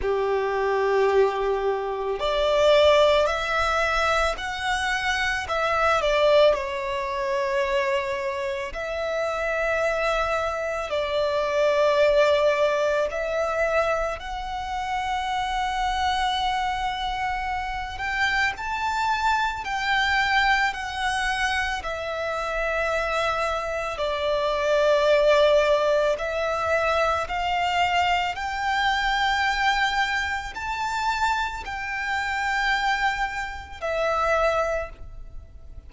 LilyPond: \new Staff \with { instrumentName = "violin" } { \time 4/4 \tempo 4 = 55 g'2 d''4 e''4 | fis''4 e''8 d''8 cis''2 | e''2 d''2 | e''4 fis''2.~ |
fis''8 g''8 a''4 g''4 fis''4 | e''2 d''2 | e''4 f''4 g''2 | a''4 g''2 e''4 | }